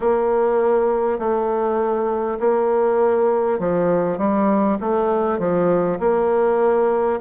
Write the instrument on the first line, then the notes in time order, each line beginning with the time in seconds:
bassoon
0.00 A#3
1.18 A3
2.39 A#3
3.59 F3
4.18 G3
4.80 A3
5.38 F3
5.99 A#3